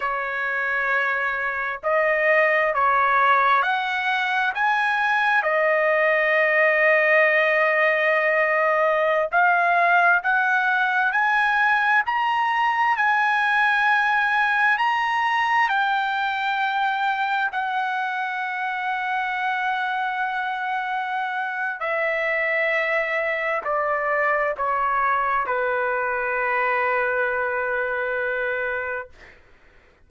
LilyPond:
\new Staff \with { instrumentName = "trumpet" } { \time 4/4 \tempo 4 = 66 cis''2 dis''4 cis''4 | fis''4 gis''4 dis''2~ | dis''2~ dis''16 f''4 fis''8.~ | fis''16 gis''4 ais''4 gis''4.~ gis''16~ |
gis''16 ais''4 g''2 fis''8.~ | fis''1 | e''2 d''4 cis''4 | b'1 | }